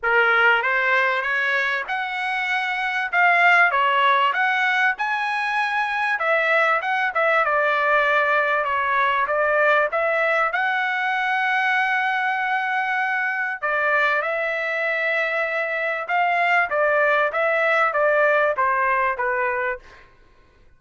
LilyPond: \new Staff \with { instrumentName = "trumpet" } { \time 4/4 \tempo 4 = 97 ais'4 c''4 cis''4 fis''4~ | fis''4 f''4 cis''4 fis''4 | gis''2 e''4 fis''8 e''8 | d''2 cis''4 d''4 |
e''4 fis''2.~ | fis''2 d''4 e''4~ | e''2 f''4 d''4 | e''4 d''4 c''4 b'4 | }